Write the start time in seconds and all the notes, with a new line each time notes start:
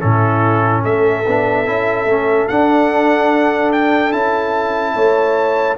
0.00 A2 C#4 E4 A4
0.82 A3 A4 E5
1.27 B3 D4
1.65 C#4 E4
2.05 A3 C#4
2.48 D4 F#5
3.72 G5
4.12 C#4 E4 A5
4.95 A3 C#5